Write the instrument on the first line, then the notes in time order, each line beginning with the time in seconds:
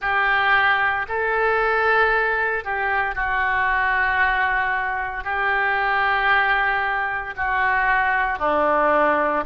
oboe
0.00 G4
1.08 A4
2.64 G4
3.15 F#4
5.23 G4
7.36 F#4
8.38 D4